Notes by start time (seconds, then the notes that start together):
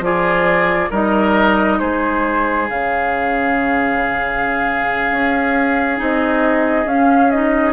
0.00 F3 F4 G#4 D5
0.90 G3 D#4 A#4 D#5
1.79 G#3 G#4 C5
2.67 C#3 C#4 F5
5.11 C#4
5.97 C4 D#4 D#5
6.85 C#4 F5
7.31 D#4 D#5